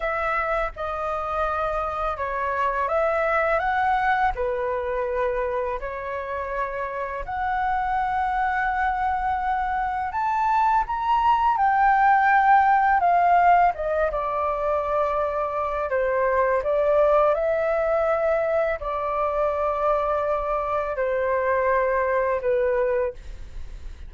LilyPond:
\new Staff \with { instrumentName = "flute" } { \time 4/4 \tempo 4 = 83 e''4 dis''2 cis''4 | e''4 fis''4 b'2 | cis''2 fis''2~ | fis''2 a''4 ais''4 |
g''2 f''4 dis''8 d''8~ | d''2 c''4 d''4 | e''2 d''2~ | d''4 c''2 b'4 | }